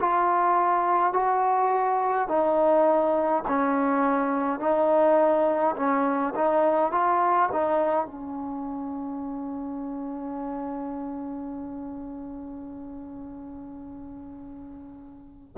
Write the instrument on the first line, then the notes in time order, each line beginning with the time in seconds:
trombone
0.00 F4
1.13 F#4
2.28 D#4
3.47 C#4
4.59 D#4
5.76 C#4
6.35 D#4
6.91 F4
7.52 D#4
8.05 C#4